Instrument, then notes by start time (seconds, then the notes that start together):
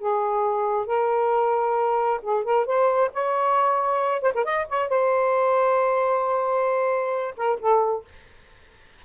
saxophone
0.00 G#4
0.87 A#4
2.23 G#4
2.45 A#4
2.66 C5
3.14 C#5
4.22 C5
4.35 A#4
4.45 D#5
4.70 C#5
4.89 C5
7.38 A#4
7.60 A4